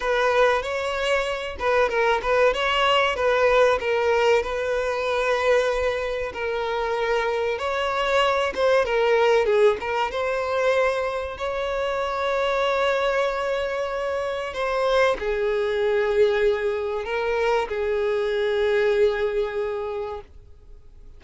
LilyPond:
\new Staff \with { instrumentName = "violin" } { \time 4/4 \tempo 4 = 95 b'4 cis''4. b'8 ais'8 b'8 | cis''4 b'4 ais'4 b'4~ | b'2 ais'2 | cis''4. c''8 ais'4 gis'8 ais'8 |
c''2 cis''2~ | cis''2. c''4 | gis'2. ais'4 | gis'1 | }